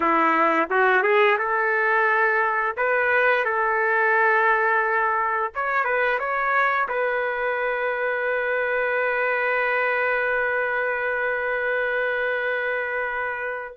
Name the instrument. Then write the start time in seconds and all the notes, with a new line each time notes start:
trumpet
0.00 E4
0.70 F#4
1.03 G#4
1.38 A4
2.76 B4
3.45 A4
5.54 C#5
5.84 B4
6.19 C#5
6.88 B4